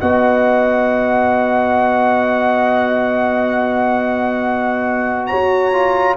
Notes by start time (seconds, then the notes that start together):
0.00 B3 F#4 D#5 F#5
5.27 F#4 C#5 A#5
5.73 F4